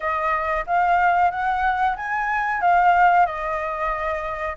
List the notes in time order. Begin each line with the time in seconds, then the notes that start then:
0.00 D#5
0.66 F5
1.30 F#5
1.96 G#5
2.61 F5
3.25 D#5